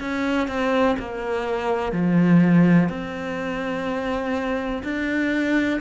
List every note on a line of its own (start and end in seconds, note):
0.00 0.48 C#4
0.48 0.96 C4
0.99 1.92 A#3
1.92 2.89 F3
2.89 4.83 C4
4.83 5.80 D4